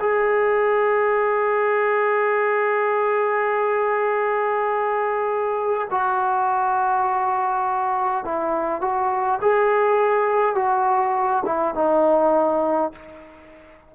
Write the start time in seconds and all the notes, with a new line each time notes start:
0.00 G#4
5.90 F#4
8.25 E4
8.81 F#4
9.41 G#4
10.55 F#4
11.45 E4
11.74 D#4